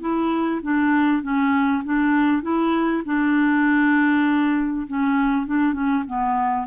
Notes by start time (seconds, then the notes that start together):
0.00 E4
0.62 D4
1.22 C#4
1.84 D4
2.42 E4
3.05 D4
4.87 C#4
5.46 D4
5.73 C#4
6.07 B3